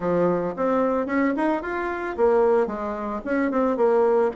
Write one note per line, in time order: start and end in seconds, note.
0.00 0.54 F3
0.56 1.06 C4
1.06 1.33 C#4
1.36 1.62 D#4
1.62 2.16 F4
2.16 2.66 A#3
2.66 3.20 G#3
3.24 3.51 C#4
3.51 3.76 C4
3.76 4.30 A#3